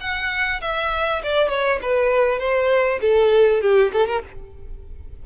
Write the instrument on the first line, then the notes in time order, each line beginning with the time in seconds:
violin
0.00 F#5
0.61 E5
1.23 D5
1.48 C#5
1.82 B4
2.39 C5
3.01 A4
3.61 G4
3.92 A4
4.07 A#4